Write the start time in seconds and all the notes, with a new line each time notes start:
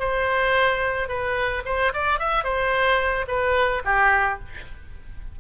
0.00 C5
1.09 B4
1.66 C5
1.94 D5
2.20 E5
2.44 C5
3.28 B4
3.85 G4